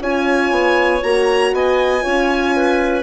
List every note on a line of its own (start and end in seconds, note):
0.00 0.50 C#4
0.00 1.02 F4
0.00 1.54 C#5
0.00 1.03 G#5
0.50 1.01 B3
1.02 1.52 A#3
1.02 2.01 F#4
1.02 1.54 A#5
1.52 2.03 B3
1.52 2.03 D#5
1.52 3.03 G#5
2.01 3.03 C#4
2.01 3.03 F4
2.01 2.54 C#5
2.55 3.03 B4